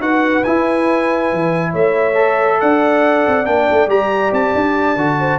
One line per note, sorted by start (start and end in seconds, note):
0.00 0.43 D#4
0.00 0.44 F#4
0.00 1.71 B4
0.00 0.44 F#5
0.44 2.15 E4
0.44 1.33 E4
0.44 1.74 G#5
1.33 1.74 E3
1.71 2.61 A3
1.71 2.58 C#5
1.71 2.61 E5
2.15 3.45 A4
2.61 3.27 D4
2.61 5.20 D5
2.61 3.46 F#5
3.28 3.47 C4
3.46 3.68 A#3
3.46 3.89 D4
3.46 3.89 G5
3.72 3.88 A3
3.88 4.31 G3
3.88 4.97 G4
3.88 4.34 A#5
4.33 4.54 C4
4.33 5.39 A5
4.55 4.97 D4
4.97 5.39 D3
4.97 5.39 F#4
5.20 5.39 C5